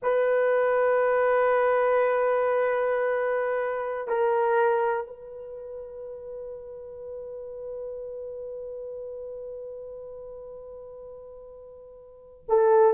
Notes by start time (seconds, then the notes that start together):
0.02 B4
4.07 A#4
5.07 B4
12.48 A4